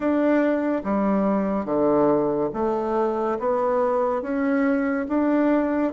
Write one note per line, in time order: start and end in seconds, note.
0.00 0.82 D4
0.84 1.65 G3
1.65 2.49 D3
2.54 3.38 A3
3.39 4.21 B3
4.21 5.06 C#4
5.08 5.92 D4